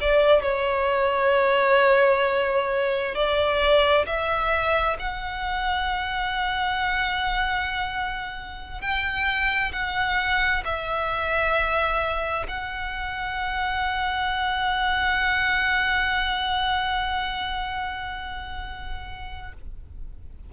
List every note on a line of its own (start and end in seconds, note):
0.00 0.42 D5
0.42 3.14 C#5
3.14 4.05 D5
4.06 4.97 E5
4.99 8.81 F#5
8.81 9.72 G5
9.72 10.63 F#5
10.64 12.46 E5
12.48 19.52 F#5